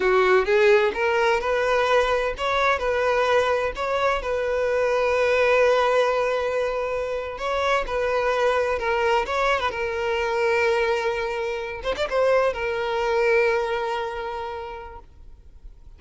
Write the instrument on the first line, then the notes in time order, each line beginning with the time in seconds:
violin
0.00 F#4
0.45 G#4
0.94 A#4
1.40 B4
2.37 C#5
2.78 B4
3.75 C#5
4.21 B4
7.37 C#5
7.86 B4
8.78 A#4
9.26 C#5
9.60 B4
9.70 A#4
11.83 C5
11.96 D5
12.09 C5
12.53 A#4